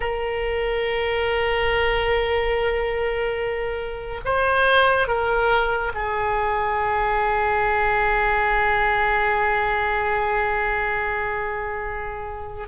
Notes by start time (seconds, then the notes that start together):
0.00 A#4
4.24 C5
5.07 A#4
5.94 G#4